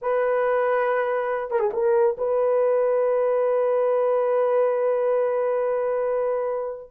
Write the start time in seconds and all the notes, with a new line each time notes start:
0.01 B4
1.50 A#4
1.59 G#4
1.73 A#4
2.17 B4